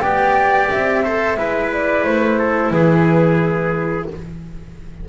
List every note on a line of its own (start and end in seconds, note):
0.00 0.69 B3
0.00 1.03 G4
0.00 1.03 D5
0.00 0.67 G5
0.70 1.36 C4
0.70 1.71 E5
1.03 1.37 A4
1.03 1.37 C5
1.36 2.04 G#3
1.36 4.06 E4
1.36 2.38 B4
1.72 2.04 D5
2.04 2.70 A3
2.04 2.71 C5
2.38 2.72 A4
2.70 4.05 E3
2.70 4.08 G#4
2.70 4.06 B4